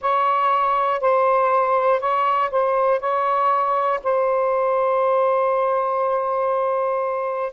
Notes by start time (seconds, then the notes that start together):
0.00 C#5
1.00 C5
2.00 C#5
2.50 C5
3.00 C#5
4.03 C5